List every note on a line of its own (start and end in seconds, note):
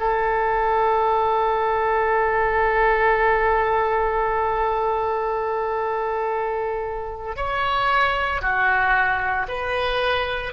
0.00 7.36 A4
7.36 8.41 C#5
8.41 9.46 F#4
9.48 10.53 B4